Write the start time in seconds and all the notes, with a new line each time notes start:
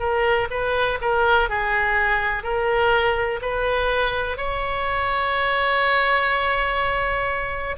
0.00 A#4
0.51 B4
1.02 A#4
1.49 G#4
2.44 A#4
3.42 B4
4.38 C#5